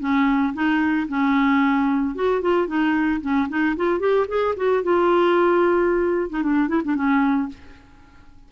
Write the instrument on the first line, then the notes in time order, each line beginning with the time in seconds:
clarinet
0.00 C#4
0.54 D#4
1.09 C#4
2.16 F#4
2.42 F4
2.68 D#4
3.22 C#4
3.49 D#4
3.77 F4
4.00 G4
4.29 G#4
4.57 F#4
4.84 F4
6.30 D#4
6.44 D4
6.69 E4
6.85 D4
6.96 C#4